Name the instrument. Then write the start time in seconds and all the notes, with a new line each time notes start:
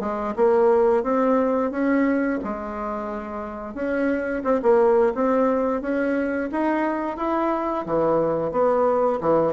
bassoon
0.00 G#3
0.36 A#3
1.03 C4
1.71 C#4
2.44 G#3
3.74 C#4
4.44 C4
4.62 A#3
5.15 C4
5.81 C#4
6.51 D#4
7.17 E4
7.86 E3
8.52 B3
9.21 E3